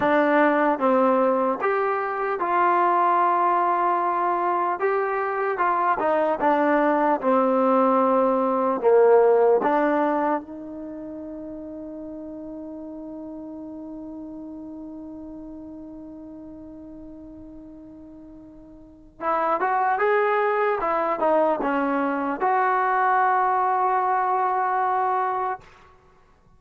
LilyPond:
\new Staff \with { instrumentName = "trombone" } { \time 4/4 \tempo 4 = 75 d'4 c'4 g'4 f'4~ | f'2 g'4 f'8 dis'8 | d'4 c'2 ais4 | d'4 dis'2.~ |
dis'1~ | dis'1 | e'8 fis'8 gis'4 e'8 dis'8 cis'4 | fis'1 | }